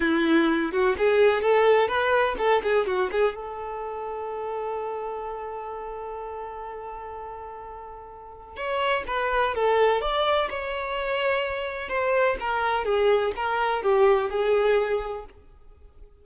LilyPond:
\new Staff \with { instrumentName = "violin" } { \time 4/4 \tempo 4 = 126 e'4. fis'8 gis'4 a'4 | b'4 a'8 gis'8 fis'8 gis'8 a'4~ | a'1~ | a'1~ |
a'2 cis''4 b'4 | a'4 d''4 cis''2~ | cis''4 c''4 ais'4 gis'4 | ais'4 g'4 gis'2 | }